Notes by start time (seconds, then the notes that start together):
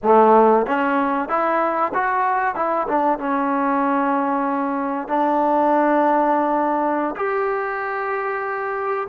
0.02 A3
0.66 C#4
1.28 E4
1.94 F#4
2.55 E4
2.88 D4
3.18 C#4
5.07 D4
7.15 G4